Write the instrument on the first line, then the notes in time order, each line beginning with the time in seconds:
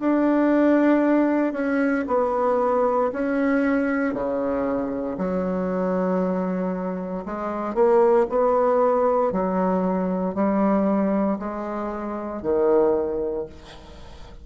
bassoon
0.00 D4
1.53 C#4
2.08 B3
3.13 C#4
4.14 C#3
5.18 F#3
7.26 G#3
7.75 A#3
8.30 B3
9.33 F#3
10.35 G3
11.39 G#3
12.43 D#3